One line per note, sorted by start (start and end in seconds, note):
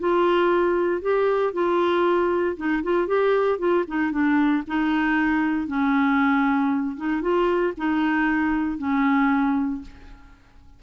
0.00 1.02 F4
1.02 1.54 G4
1.54 2.57 F4
2.57 2.83 D#4
2.84 3.08 F4
3.08 3.59 G4
3.59 3.85 F4
3.88 4.12 D#4
4.12 4.64 D4
4.68 5.68 D#4
5.68 6.97 C#4
6.98 7.22 D#4
7.22 7.74 F4
7.78 8.79 D#4
8.79 9.82 C#4